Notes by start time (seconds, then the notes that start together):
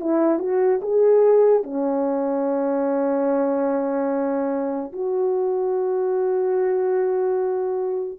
0.00 E4
0.39 F#4
0.81 G#4
1.63 C#4
4.92 F#4